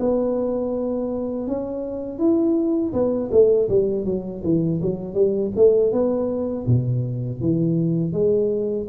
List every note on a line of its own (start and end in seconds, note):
0.00 1.48 B3
1.48 2.19 C#4
2.19 2.93 E4
2.93 3.30 B3
3.32 3.69 A3
3.69 4.05 G3
4.05 4.42 F#3
4.44 4.81 E3
4.82 5.14 F#3
5.14 5.52 G3
5.56 5.93 A3
5.93 6.67 B3
6.67 7.41 B2
7.41 8.13 E3
8.13 8.87 G#3